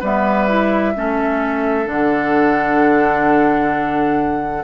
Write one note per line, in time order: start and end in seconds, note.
0.00 0.94 G3
0.00 0.48 B3
0.00 0.92 B4
0.00 1.88 E5
0.48 0.94 E4
0.95 1.86 A3
0.95 1.85 C#4
0.95 4.64 A4
1.85 4.63 D3
1.85 4.62 D4
1.85 4.64 F#5